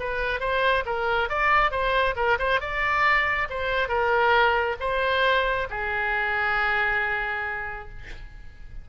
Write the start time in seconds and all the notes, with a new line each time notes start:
0.00 B4
0.41 C5
0.86 A#4
1.30 D5
1.72 C5
2.17 A#4
2.39 C5
2.61 D5
3.50 C5
3.89 A#4
4.81 C5
5.71 G#4